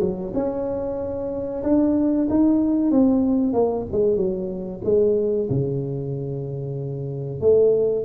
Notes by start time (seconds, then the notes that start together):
0.00 F#3
0.34 C#4
1.63 D4
2.29 D#4
2.91 C4
3.53 A#3
3.92 G#3
4.16 F#3
4.84 G#3
5.49 C#3
7.40 A3